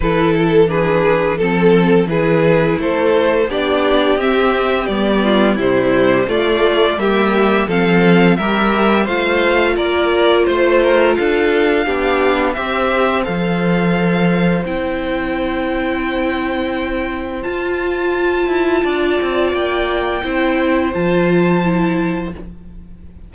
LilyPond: <<
  \new Staff \with { instrumentName = "violin" } { \time 4/4 \tempo 4 = 86 b'8 a'8 b'4 a'4 b'4 | c''4 d''4 e''4 d''4 | c''4 d''4 e''4 f''4 | e''4 f''4 d''4 c''4 |
f''2 e''4 f''4~ | f''4 g''2.~ | g''4 a''2. | g''2 a''2 | }
  \new Staff \with { instrumentName = "violin" } { \time 4/4 a'4 gis'4 a'4 gis'4 | a'4 g'2~ g'8 f'8 | e'4 f'4 g'4 a'4 | ais'4 c''4 ais'4 c''8 ais'8 |
a'4 g'4 c''2~ | c''1~ | c''2. d''4~ | d''4 c''2. | }
  \new Staff \with { instrumentName = "viola" } { \time 4/4 e'4 d'4 c'4 e'4~ | e'4 d'4 c'4 b4 | g4 a4 ais4 c'4 | g'4 f'2.~ |
f'4 d'4 g'4 a'4~ | a'4 e'2.~ | e'4 f'2.~ | f'4 e'4 f'4 e'4 | }
  \new Staff \with { instrumentName = "cello" } { \time 4/4 e2 f4 e4 | a4 b4 c'4 g4 | c4 a4 g4 f4 | g4 a4 ais4 a4 |
d'4 b4 c'4 f4~ | f4 c'2.~ | c'4 f'4. e'8 d'8 c'8 | ais4 c'4 f2 | }
>>